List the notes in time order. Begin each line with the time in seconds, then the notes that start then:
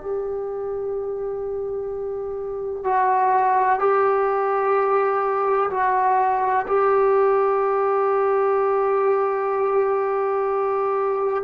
0.00 G4
2.84 F#4
3.79 G4
5.71 F#4
6.67 G4